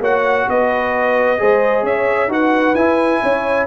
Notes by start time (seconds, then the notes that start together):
0.00 A#3 F#4 C#5 F#5
0.49 B3 B4 D#5
1.38 G#3 G#4 C5
1.83 C#4 C#5 E5
2.28 D#4 F#4 B4 F#5
2.75 E4 G#5
3.22 C#4 C#5